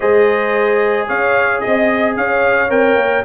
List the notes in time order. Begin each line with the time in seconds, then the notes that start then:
0.00 G#3 G#4 C5 D#5
1.07 C#4 C#5 F5
1.60 C4 D#5
2.16 C#4 C#5 F5
2.69 C4 A#4 G5
2.95 A#3